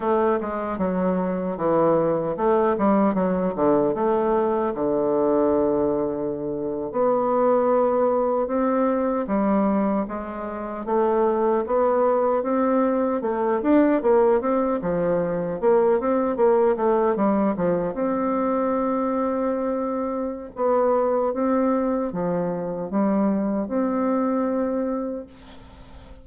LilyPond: \new Staff \with { instrumentName = "bassoon" } { \time 4/4 \tempo 4 = 76 a8 gis8 fis4 e4 a8 g8 | fis8 d8 a4 d2~ | d8. b2 c'4 g16~ | g8. gis4 a4 b4 c'16~ |
c'8. a8 d'8 ais8 c'8 f4 ais16~ | ais16 c'8 ais8 a8 g8 f8 c'4~ c'16~ | c'2 b4 c'4 | f4 g4 c'2 | }